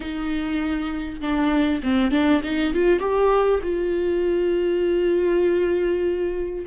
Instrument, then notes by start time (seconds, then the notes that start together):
viola
0.00 D#4
1.20 D4
1.83 C4
2.11 D4
2.43 D#4
2.73 F4
2.99 G4
3.63 F4